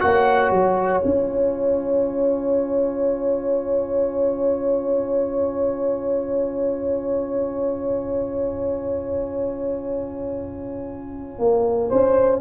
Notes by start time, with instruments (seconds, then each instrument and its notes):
0.00 tuba A#3, trombone F#4, horn C#5, trumpet F#5
0.50 tuba F#3, trumpet G#5
1.02 tuba C#4, trombone F4
11.39 tuba A#3
11.88 tuba C#4, horn C5